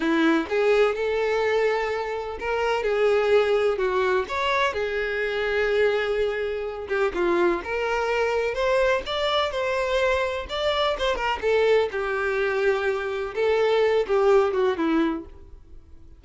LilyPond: \new Staff \with { instrumentName = "violin" } { \time 4/4 \tempo 4 = 126 e'4 gis'4 a'2~ | a'4 ais'4 gis'2 | fis'4 cis''4 gis'2~ | gis'2~ gis'8 g'8 f'4 |
ais'2 c''4 d''4 | c''2 d''4 c''8 ais'8 | a'4 g'2. | a'4. g'4 fis'8 e'4 | }